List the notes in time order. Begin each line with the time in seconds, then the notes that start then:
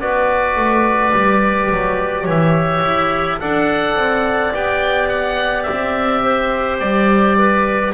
0.00 B3 F#4 B4 D5
0.56 A3
1.13 G3 G4
1.72 F#3
2.23 E3 C#5
2.30 E5
2.84 E4
3.40 D4 A4 D5 F#5
3.96 C4
4.53 B3 G4 G5
5.09 F#5
5.63 E5
5.70 C4
6.23 C5
6.80 G3 D5
7.37 B4